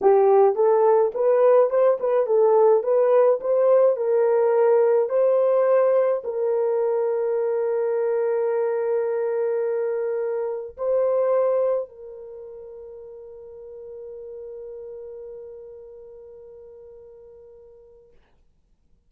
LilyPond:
\new Staff \with { instrumentName = "horn" } { \time 4/4 \tempo 4 = 106 g'4 a'4 b'4 c''8 b'8 | a'4 b'4 c''4 ais'4~ | ais'4 c''2 ais'4~ | ais'1~ |
ais'2. c''4~ | c''4 ais'2.~ | ais'1~ | ais'1 | }